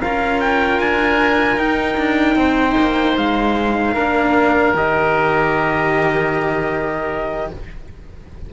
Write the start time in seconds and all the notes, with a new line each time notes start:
0.00 C#4 F4 A#4 F5
0.40 G5
0.79 D4 G#5
1.57 D#4 G5
1.97 D4
2.35 C4 C5
2.77 A#3
3.17 G#3 F5
3.94 A#3 D4 A#4
4.74 D#3 G4 D#5